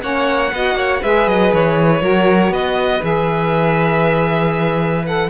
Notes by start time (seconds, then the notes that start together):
0.00 A#3 C#4 C#5 F#5
0.52 B3 F#4 D#5
0.75 A#3 C#5
1.01 G#3 G#4 B4 E5
1.27 F#3 D#5
1.53 E3 C#5
2.00 F#3 F#4 A#4
2.49 B3 B4 D#5
3.01 E3 G#4 E5
5.06 A4 F#5